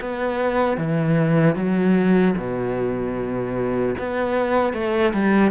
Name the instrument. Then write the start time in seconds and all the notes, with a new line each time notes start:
cello
0.00 B3
0.77 E3
1.55 F#3
2.37 B2
3.98 B3
4.73 A3
5.13 G3